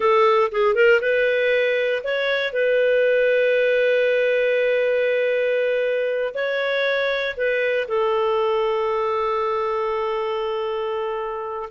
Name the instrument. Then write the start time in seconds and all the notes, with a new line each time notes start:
clarinet
0.00 A4
0.51 G#4
0.75 A#4
1.01 B4
2.03 C#5
2.52 B4
6.34 C#5
7.36 B4
7.88 A4